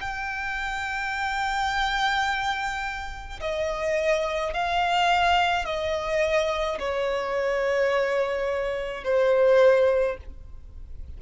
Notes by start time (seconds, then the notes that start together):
0.00 G5
3.40 D#5
4.53 F5
5.65 D#5
6.79 C#5
9.04 C5